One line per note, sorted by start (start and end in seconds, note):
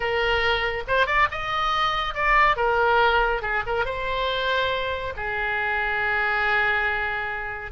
0.00 0.83 A#4
0.87 1.06 C5
1.06 1.27 D5
1.31 2.14 D#5
2.14 2.56 D5
2.56 3.41 A#4
3.41 3.63 G#4
3.66 3.85 A#4
3.85 5.13 C5
5.16 7.71 G#4